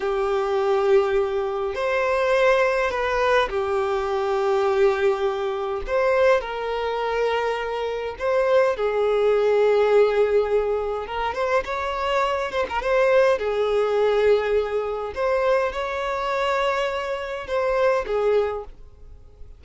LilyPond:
\new Staff \with { instrumentName = "violin" } { \time 4/4 \tempo 4 = 103 g'2. c''4~ | c''4 b'4 g'2~ | g'2 c''4 ais'4~ | ais'2 c''4 gis'4~ |
gis'2. ais'8 c''8 | cis''4. c''16 ais'16 c''4 gis'4~ | gis'2 c''4 cis''4~ | cis''2 c''4 gis'4 | }